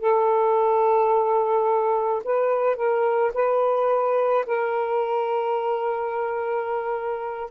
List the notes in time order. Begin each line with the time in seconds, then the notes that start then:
0.00 A4
2.24 B4
2.75 A#4
3.34 B4
4.46 A#4